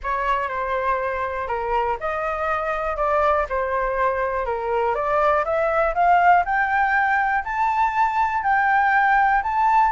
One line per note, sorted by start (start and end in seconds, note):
0.03 0.48 C#5
0.48 1.47 C5
1.47 1.97 A#4
1.99 2.96 D#5
2.96 3.46 D5
3.49 4.45 C5
4.45 4.95 A#4
4.95 5.44 D5
5.44 5.94 E5
5.94 6.44 F5
6.45 7.44 G5
7.44 8.43 A5
8.43 9.42 G5
9.42 9.92 A5